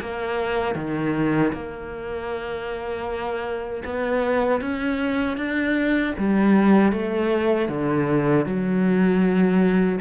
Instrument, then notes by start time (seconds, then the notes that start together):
cello
0.00 A#3
0.75 D#3
1.52 A#3
3.84 B3
4.60 C#4
5.36 D4
6.18 G3
6.92 A3
7.69 D3
8.45 F#3